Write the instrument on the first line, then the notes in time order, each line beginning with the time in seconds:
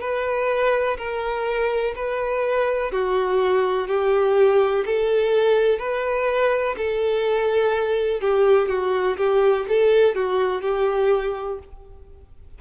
violin
0.00 B4
0.97 A#4
1.95 B4
2.91 F#4
3.88 G4
4.86 A4
5.78 B4
6.77 A4
8.20 G4
8.68 F#4
9.17 G4
9.68 A4
10.15 F#4
10.61 G4